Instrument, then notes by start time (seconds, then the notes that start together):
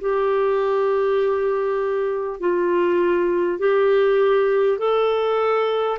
clarinet
0.00 G4
2.40 F4
3.58 G4
4.78 A4